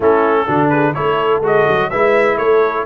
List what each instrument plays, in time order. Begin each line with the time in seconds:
0.00 tuba A3, trombone C#4, horn E4, trumpet A4
0.47 tuba D3, trombone D4, horn F#4
0.69 horn G#4, trumpet B4
0.94 tuba A3, trombone E4, horn A4, trumpet C#5
1.41 tuba G#3, trombone F#4, trumpet D#5
1.68 tuba F#3
1.89 tuba G#3, trombone E4, horn B4, trumpet E5
2.37 tuba A3, horn A4, trumpet C#5